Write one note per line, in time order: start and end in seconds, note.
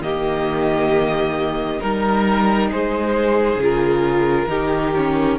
0.00 1.79 D#3
0.00 1.80 A#3
0.00 1.82 G4
0.00 1.80 D#5
1.80 2.72 G3
1.80 3.59 D#4
1.80 2.70 A#4
1.80 2.69 A#4
2.69 3.55 G#3
2.69 4.48 G#4
2.69 3.60 C5
3.55 4.45 C#3
3.61 4.49 F4
3.61 5.38 A#4
4.47 5.36 D#3
4.47 4.93 D#4
4.47 5.38 G4
4.96 5.38 C#4